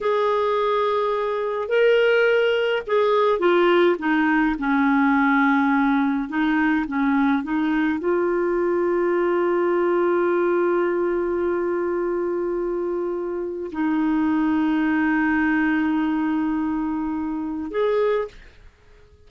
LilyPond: \new Staff \with { instrumentName = "clarinet" } { \time 4/4 \tempo 4 = 105 gis'2. ais'4~ | ais'4 gis'4 f'4 dis'4 | cis'2. dis'4 | cis'4 dis'4 f'2~ |
f'1~ | f'1 | dis'1~ | dis'2. gis'4 | }